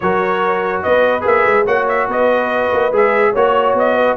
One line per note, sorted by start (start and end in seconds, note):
0.00 0.84 F#3
0.00 1.21 F#4
0.00 0.84 A#4
0.00 0.82 C#5
0.82 1.24 B3
0.82 1.65 B4
0.82 1.24 D#5
1.21 1.45 A#3
1.21 1.62 G#4
1.21 1.66 E5
1.46 1.66 G#3
1.65 2.07 A#3
1.65 2.91 F#4
1.65 2.07 C#5
1.65 1.87 F#5
1.88 2.09 E5
2.07 2.70 B3
2.07 3.32 B4
2.07 2.95 D#5
2.72 2.92 A#3
2.92 3.33 G#3
2.92 3.34 G#4
2.92 3.35 E5
3.32 3.73 A#3
3.32 4.17 F#4
3.32 3.94 C#5
3.32 3.77 C#5
3.73 4.15 B3
3.73 4.17 D#5
3.94 4.15 B4